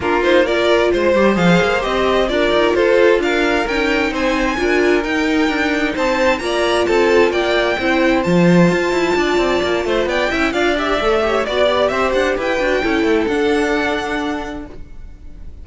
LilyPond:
<<
  \new Staff \with { instrumentName = "violin" } { \time 4/4 \tempo 4 = 131 ais'8 c''8 d''4 c''4 f''4 | dis''4 d''4 c''4 f''4 | g''4 gis''2 g''4~ | g''4 a''4 ais''4 a''4 |
g''2 a''2~ | a''2 g''4 f''8 e''8~ | e''4 d''4 e''8 fis''8 g''4~ | g''4 fis''2. | }
  \new Staff \with { instrumentName = "violin" } { \time 4/4 f'4 ais'4 c''2~ | c''4 ais'4 a'4 ais'4~ | ais'4 c''4 ais'2~ | ais'4 c''4 d''4 a'4 |
d''4 c''2. | d''4. c''8 d''8 e''8 d''4~ | d''8 cis''8 d''4 c''4 b'4 | a'1 | }
  \new Staff \with { instrumentName = "viola" } { \time 4/4 d'8 dis'8 f'4. g'8 gis'4 | g'4 f'2. | dis'2 f'4 dis'4~ | dis'2 f'2~ |
f'4 e'4 f'2~ | f'2~ f'8 e'8 f'8 g'8 | a'8 g'8 fis'8 g'2 fis'8 | e'4 d'2. | }
  \new Staff \with { instrumentName = "cello" } { \time 4/4 ais2 gis8 g8 f8 ais8 | c'4 d'8 dis'8 f'4 d'4 | cis'4 c'4 d'4 dis'4 | d'4 c'4 ais4 c'4 |
ais4 c'4 f4 f'8 e'8 | d'8 c'8 ais8 a8 b8 cis'8 d'4 | a4 b4 c'8 d'8 e'8 d'8 | cis'8 a8 d'2. | }
>>